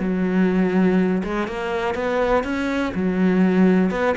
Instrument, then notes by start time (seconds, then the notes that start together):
cello
0.00 F#3
1.24 G#3
1.48 A#3
1.95 B3
2.44 C#4
2.95 F#3
3.91 B3